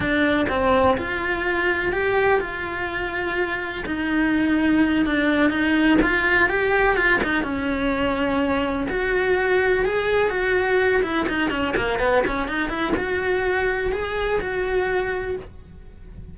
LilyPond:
\new Staff \with { instrumentName = "cello" } { \time 4/4 \tempo 4 = 125 d'4 c'4 f'2 | g'4 f'2. | dis'2~ dis'8 d'4 dis'8~ | dis'8 f'4 g'4 f'8 dis'8 cis'8~ |
cis'2~ cis'8 fis'4.~ | fis'8 gis'4 fis'4. e'8 dis'8 | cis'8 ais8 b8 cis'8 dis'8 e'8 fis'4~ | fis'4 gis'4 fis'2 | }